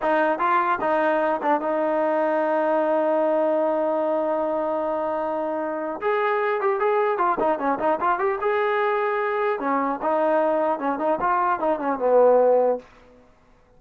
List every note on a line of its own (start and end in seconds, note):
0.01 0.39 D#4
0.39 0.79 F4
0.80 1.40 D#4
1.42 1.61 D4
1.61 6.01 D#4
6.01 6.60 G#4
6.60 6.79 G4
6.79 7.18 G#4
7.18 7.38 F4
7.39 7.58 D#4
7.58 7.78 C#4
7.79 7.99 D#4
8.00 8.18 F4
8.18 8.38 G4
8.41 9.59 G#4
9.59 9.99 C#4
10.02 10.79 D#4
10.79 10.98 C#4
10.98 11.18 D#4
11.20 11.59 F4
11.59 11.79 D#4
11.79 11.98 C#4
11.98 12.78 B3